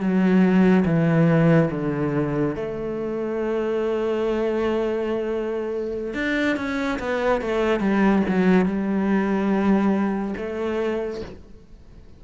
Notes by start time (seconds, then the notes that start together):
0.00 F#3
0.86 E3
1.71 D3
2.56 A3
6.14 D4
6.57 C#4
6.99 B3
7.41 A3
7.80 G3
8.29 F#3
8.66 G3
10.37 A3